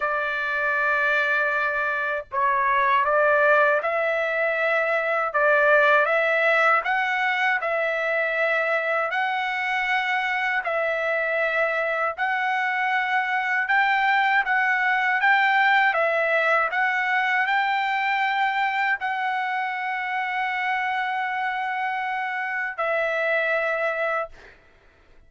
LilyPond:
\new Staff \with { instrumentName = "trumpet" } { \time 4/4 \tempo 4 = 79 d''2. cis''4 | d''4 e''2 d''4 | e''4 fis''4 e''2 | fis''2 e''2 |
fis''2 g''4 fis''4 | g''4 e''4 fis''4 g''4~ | g''4 fis''2.~ | fis''2 e''2 | }